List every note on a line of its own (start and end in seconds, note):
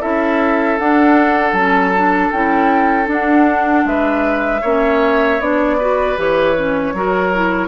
0.00 0.79 C#4
0.00 0.78 E4
0.00 3.85 A4
0.00 0.78 E5
0.79 1.53 D4
0.79 1.56 D4
0.79 1.53 F#5
1.53 2.29 F#3
1.53 1.94 C#4
1.53 2.30 A5
1.95 2.33 D4
2.31 3.07 C#4
2.31 3.05 E4
2.31 3.08 G5
3.05 4.59 D4
3.05 3.84 D4
3.12 3.87 F#5
3.84 4.61 G#3
3.84 4.61 B4
3.84 5.40 E5
4.61 5.40 A#3
4.61 5.40 C#4
4.61 5.76 C#5
5.40 6.17 B3
5.40 5.79 D4
5.40 6.17 D5
5.78 6.17 F#4
5.78 6.93 B4
6.17 6.93 E3
6.17 6.55 G4
6.17 7.68 C#5
6.56 6.95 C#4
6.93 7.68 F#3
6.93 7.33 F#4
6.93 7.68 A#4
7.34 7.68 E4